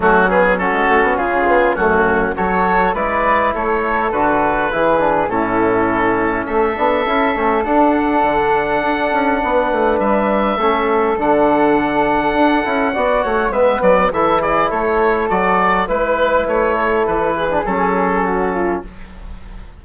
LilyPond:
<<
  \new Staff \with { instrumentName = "oboe" } { \time 4/4 \tempo 4 = 102 fis'8 gis'8 a'4 gis'4 fis'4 | cis''4 d''4 cis''4 b'4~ | b'4 a'2 e''4~ | e''4 fis''2.~ |
fis''4 e''2 fis''4~ | fis''2. e''8 d''8 | e''8 d''8 cis''4 d''4 b'4 | cis''4 b'4 a'2 | }
  \new Staff \with { instrumentName = "flute" } { \time 4/4 cis'4 fis'4 f'4 cis'4 | a'4 b'4 a'2 | gis'4 e'2 a'4~ | a'1 |
b'2 a'2~ | a'2 d''8 cis''8 b'4 | a'8 gis'8 a'2 b'4~ | b'8 a'4 gis'4. fis'8 f'8 | }
  \new Staff \with { instrumentName = "trombone" } { \time 4/4 a8 b8 cis'4. b8 a4 | fis'4 e'2 fis'4 | e'8 d'8 cis'2~ cis'8 d'8 | e'8 cis'8 d'2.~ |
d'2 cis'4 d'4~ | d'4. e'8 fis'4 b4 | e'2 fis'4 e'4~ | e'4.~ e'16 d'16 cis'2 | }
  \new Staff \with { instrumentName = "bassoon" } { \time 4/4 fis4~ fis16 gis16 a16 b16 cis4 fis,4 | fis4 gis4 a4 d4 | e4 a,2 a8 b8 | cis'8 a8 d'4 d4 d'8 cis'8 |
b8 a8 g4 a4 d4~ | d4 d'8 cis'8 b8 a8 gis8 fis8 | e4 a4 fis4 gis4 | a4 e4 fis2 | }
>>